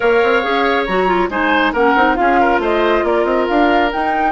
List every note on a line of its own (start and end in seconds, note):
0.00 0.23 A#3
0.00 0.43 A#4
0.00 1.29 C#5
0.00 0.84 F5
0.23 0.45 C4
0.43 0.87 C#4
0.43 0.86 G#4
0.85 1.29 F#3
0.85 1.07 F#4
0.85 1.29 A#5
1.07 1.29 F4
1.29 1.72 G#3
1.29 1.74 D#4
1.29 1.72 C5
1.29 1.73 G#5
1.72 1.95 A#3
1.72 1.97 C#4
1.72 2.16 A#4
1.72 2.15 F#5
1.95 2.17 C4
1.95 2.16 D#4
2.15 2.58 C#4
2.15 3.90 F4
2.15 2.40 G#4
2.15 2.59 F5
2.40 2.61 A#4
2.58 3.01 A3
2.58 3.04 C5
2.58 3.05 D#5
3.03 3.25 A#3
3.03 4.31 A#4
3.03 3.24 D5
3.24 3.46 C4
3.24 3.46 D#5
3.47 3.93 D4
3.47 3.91 F5
3.92 4.31 D#4
3.92 4.31 G5